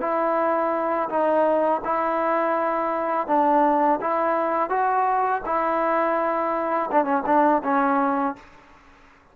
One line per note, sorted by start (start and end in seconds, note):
0.00 1.08 E4
1.09 1.81 D#4
1.84 3.27 E4
3.27 3.99 D4
4.01 4.69 E4
4.69 5.42 F#4
5.45 6.90 E4
6.91 7.04 D4
7.04 7.22 C#4
7.26 7.62 D4
7.63 8.36 C#4